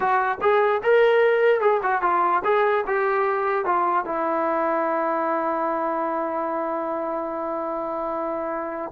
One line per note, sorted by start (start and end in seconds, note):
0.00 0.38 F#4
0.41 0.81 G#4
0.83 1.61 A#4
1.61 1.81 G#4
1.82 2.02 F#4
2.02 2.42 F4
2.44 2.85 G#4
2.87 3.65 G4
3.65 4.05 F4
4.05 8.92 E4